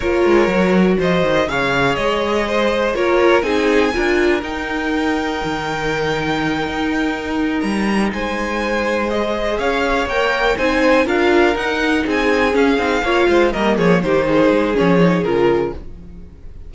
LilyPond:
<<
  \new Staff \with { instrumentName = "violin" } { \time 4/4 \tempo 4 = 122 cis''2 dis''4 f''4 | dis''2 cis''4 gis''4~ | gis''4 g''2.~ | g''2.~ g''8 ais''8~ |
ais''8 gis''2 dis''4 f''8~ | f''8 g''4 gis''4 f''4 fis''8~ | fis''8 gis''4 f''2 dis''8 | cis''8 c''4. cis''4 ais'4 | }
  \new Staff \with { instrumentName = "violin" } { \time 4/4 ais'2 c''4 cis''4~ | cis''4 c''4 ais'4 gis'4 | ais'1~ | ais'1~ |
ais'8 c''2. cis''8~ | cis''4. c''4 ais'4.~ | ais'8 gis'2 cis''8 c''8 ais'8 | gis'8 g'8 gis'2. | }
  \new Staff \with { instrumentName = "viola" } { \time 4/4 f'4 fis'2 gis'4~ | gis'2 f'4 dis'4 | f'4 dis'2.~ | dis'1~ |
dis'2~ dis'8 gis'4.~ | gis'8 ais'4 dis'4 f'4 dis'8~ | dis'4. cis'8 dis'8 f'4 ais8~ | ais8 dis'4. cis'8 dis'8 f'4 | }
  \new Staff \with { instrumentName = "cello" } { \time 4/4 ais8 gis8 fis4 f8 dis8 cis4 | gis2 ais4 c'4 | d'4 dis'2 dis4~ | dis4. dis'2 g8~ |
g8 gis2. cis'8~ | cis'8 ais4 c'4 d'4 dis'8~ | dis'8 c'4 cis'8 c'8 ais8 gis8 g8 | f8 dis4 gis8 f4 cis4 | }
>>